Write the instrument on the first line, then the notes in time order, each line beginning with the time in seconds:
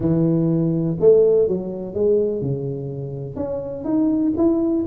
tuba
0.00 E3
1.00 A3
1.48 F#3
1.94 G#3
2.41 C#3
3.35 C#4
3.84 D#4
4.37 E4